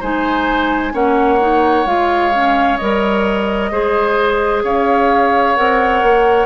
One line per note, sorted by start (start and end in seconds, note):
0.00 0.93 G#3
0.00 0.93 D#4
0.00 0.92 C5
0.00 0.95 G#5
0.93 1.85 A#3
0.93 1.39 C#4
0.93 3.70 C#5
0.93 1.86 F#5
1.40 1.86 D#4
1.85 2.78 G#3
1.85 2.32 F4
1.85 2.77 F5
2.33 2.79 C#4
2.77 3.71 G3
2.77 3.72 A#4
2.77 4.61 D#5
3.71 4.63 G#3
3.71 5.56 G#4
3.71 4.63 C5
4.63 5.56 C#4
4.63 6.46 C#5
4.63 5.56 F5
5.56 6.02 C4
5.56 6.46 A#4
5.56 6.46 F#5
6.02 6.46 A#3